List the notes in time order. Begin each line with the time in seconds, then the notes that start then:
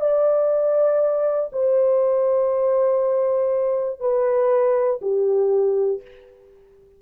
0.00 D5
1.52 C5
4.00 B4
5.01 G4